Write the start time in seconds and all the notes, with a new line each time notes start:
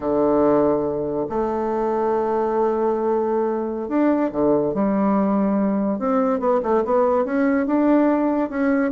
0.00 D3
1.29 A3
3.88 D4
4.31 D3
4.74 G3
5.98 C4
6.39 B3
6.63 A3
6.84 B3
7.25 C#4
7.66 D4
8.49 C#4